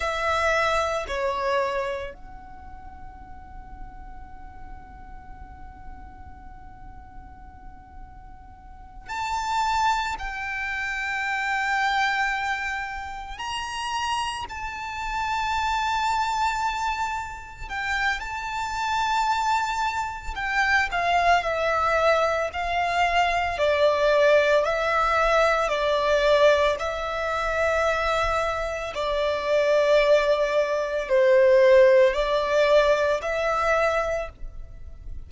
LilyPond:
\new Staff \with { instrumentName = "violin" } { \time 4/4 \tempo 4 = 56 e''4 cis''4 fis''2~ | fis''1~ | fis''8 a''4 g''2~ g''8~ | g''8 ais''4 a''2~ a''8~ |
a''8 g''8 a''2 g''8 f''8 | e''4 f''4 d''4 e''4 | d''4 e''2 d''4~ | d''4 c''4 d''4 e''4 | }